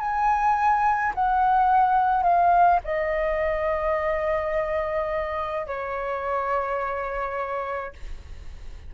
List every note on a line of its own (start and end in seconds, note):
0.00 1.13 G#5
1.15 2.23 F#5
2.23 2.80 F5
2.85 5.67 D#5
5.67 7.93 C#5